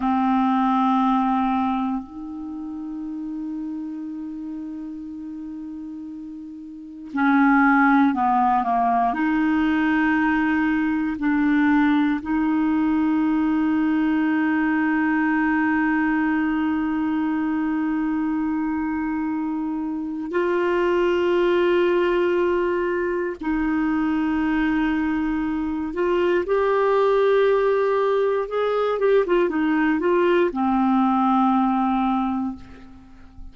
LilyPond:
\new Staff \with { instrumentName = "clarinet" } { \time 4/4 \tempo 4 = 59 c'2 dis'2~ | dis'2. cis'4 | b8 ais8 dis'2 d'4 | dis'1~ |
dis'1 | f'2. dis'4~ | dis'4. f'8 g'2 | gis'8 g'16 f'16 dis'8 f'8 c'2 | }